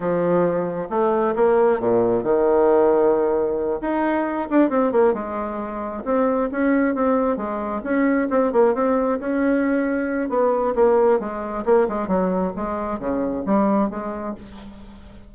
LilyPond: \new Staff \with { instrumentName = "bassoon" } { \time 4/4 \tempo 4 = 134 f2 a4 ais4 | ais,4 dis2.~ | dis8 dis'4. d'8 c'8 ais8 gis8~ | gis4. c'4 cis'4 c'8~ |
c'8 gis4 cis'4 c'8 ais8 c'8~ | c'8 cis'2~ cis'8 b4 | ais4 gis4 ais8 gis8 fis4 | gis4 cis4 g4 gis4 | }